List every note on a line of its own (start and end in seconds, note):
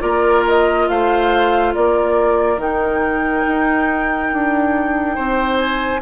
0.00 0.88 A#3
0.00 2.57 F4
0.00 0.87 A#4
0.00 0.43 D5
0.48 0.88 D#5
0.88 1.75 A3
0.88 1.74 C5
0.88 1.74 F5
1.74 2.57 A#3
1.74 5.15 A#4
1.74 2.60 D5
2.57 3.43 D#3
2.57 6.02 D#4
2.57 5.58 G5
3.47 4.33 D#4
4.33 5.17 D4
5.15 6.02 C4
5.15 6.01 C5
5.58 6.01 G#5